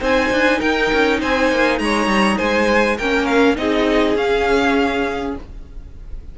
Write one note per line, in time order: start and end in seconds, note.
0.00 0.31 C4
0.00 2.97 D#4
0.00 0.59 C5
0.00 0.61 G#5
0.31 0.61 D4
0.59 0.91 D#4
0.59 1.18 A#4
0.59 1.20 G5
0.93 1.22 C#4
1.20 1.51 C4
1.20 1.80 C5
1.20 1.78 G#5
1.51 1.80 A#3
1.78 2.07 G#3
1.78 2.37 C#5
1.78 2.38 A#5
2.07 2.36 G3
2.37 2.99 G#3
2.37 2.96 C5
2.37 2.97 G#5
2.97 3.58 A#3
2.97 3.56 C#4
2.97 3.57 A#4
2.97 3.26 G5
3.26 3.56 F5
3.56 4.15 C4
3.56 4.15 D#4
3.56 5.38 G#4
3.56 4.17 D#5
4.15 5.34 C#4
4.15 5.37 C#4
4.15 5.36 F5